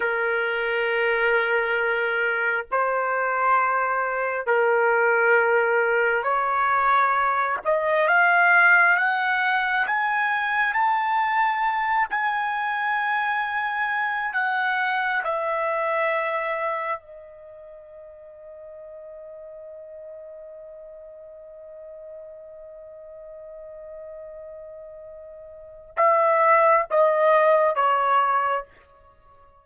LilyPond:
\new Staff \with { instrumentName = "trumpet" } { \time 4/4 \tempo 4 = 67 ais'2. c''4~ | c''4 ais'2 cis''4~ | cis''8 dis''8 f''4 fis''4 gis''4 | a''4. gis''2~ gis''8 |
fis''4 e''2 dis''4~ | dis''1~ | dis''1~ | dis''4 e''4 dis''4 cis''4 | }